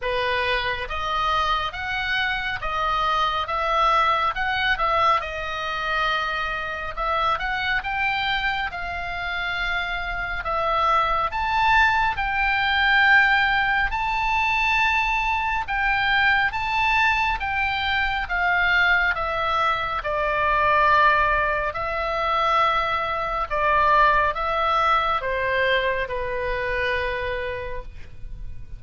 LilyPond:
\new Staff \with { instrumentName = "oboe" } { \time 4/4 \tempo 4 = 69 b'4 dis''4 fis''4 dis''4 | e''4 fis''8 e''8 dis''2 | e''8 fis''8 g''4 f''2 | e''4 a''4 g''2 |
a''2 g''4 a''4 | g''4 f''4 e''4 d''4~ | d''4 e''2 d''4 | e''4 c''4 b'2 | }